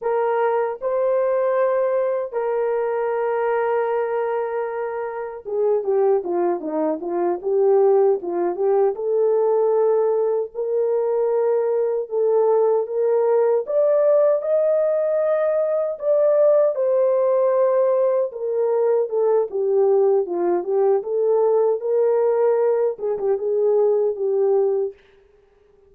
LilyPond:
\new Staff \with { instrumentName = "horn" } { \time 4/4 \tempo 4 = 77 ais'4 c''2 ais'4~ | ais'2. gis'8 g'8 | f'8 dis'8 f'8 g'4 f'8 g'8 a'8~ | a'4. ais'2 a'8~ |
a'8 ais'4 d''4 dis''4.~ | dis''8 d''4 c''2 ais'8~ | ais'8 a'8 g'4 f'8 g'8 a'4 | ais'4. gis'16 g'16 gis'4 g'4 | }